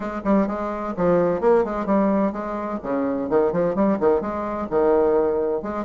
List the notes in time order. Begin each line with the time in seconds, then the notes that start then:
0.00 G#3
0.24 G3
0.47 G#3
0.97 F3
1.41 A#3
1.64 G#3
1.86 G3
2.32 G#3
2.82 C#3
3.29 D#3
3.52 F3
3.75 G3
4.00 D#3
4.21 G#3
4.69 D#3
5.62 G#3